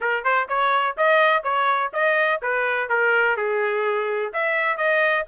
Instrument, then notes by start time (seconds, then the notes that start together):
trumpet
0.00 A#4
0.24 C5
0.48 C#5
0.97 D#5
1.43 C#5
1.93 D#5
2.42 B4
2.89 A#4
3.36 G#4
4.33 E5
4.77 D#5